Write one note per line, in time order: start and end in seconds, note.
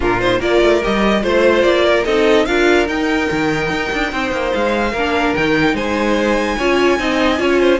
0.00 0.40 A#2
0.00 0.20 D4
0.00 0.39 F4
0.00 0.20 A#4
0.20 0.40 D#4
0.20 0.41 C5
0.39 0.61 A#3
0.39 0.81 F4
0.39 1.21 A#4
0.39 0.83 D5
0.61 0.82 A3
0.82 1.23 G3
0.82 1.22 G4
0.82 1.23 D#5
1.22 1.63 A3
1.22 2.04 F4
1.22 1.84 C5
1.22 1.62 C5
1.62 2.04 A#3
1.62 2.03 D5
1.84 2.05 A#4
2.04 2.47 C4
2.04 2.47 D#4
2.04 2.46 A4
2.04 2.45 D#5
2.45 2.87 D4
2.45 2.86 F4
2.45 4.11 A#4
2.45 2.86 F5
2.86 4.92 D#4
2.86 3.29 D#4
2.86 4.53 G5
3.31 3.70 D#3
3.70 3.90 D#4
3.92 4.12 D4
4.12 4.31 C4
4.12 4.92 C5
4.31 4.52 A#3
4.54 4.92 G#3
4.54 5.35 F5
4.92 5.33 A#3
4.92 5.37 D4
4.92 5.74 A#4
5.35 5.73 D#3
5.35 6.60 D#4
5.35 5.75 G5
5.73 6.56 G#3
5.73 6.57 C5
5.73 7.79 G#5
6.57 6.99 C#4
6.57 6.98 F4
6.57 6.98 C#5
6.98 7.39 C4
6.98 7.37 D#4
6.98 7.40 D#5
7.37 7.79 C#4
7.37 7.78 F4
7.37 7.60 C#5
7.60 7.79 C5